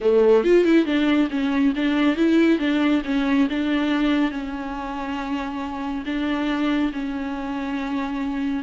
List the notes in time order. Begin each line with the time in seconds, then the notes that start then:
0.00 A3
0.44 F4
0.64 E4
0.85 D4
1.30 C#4
1.75 D4
2.16 E4
2.59 D4
3.04 C#4
3.49 D4
4.31 C#4
6.05 D4
6.92 C#4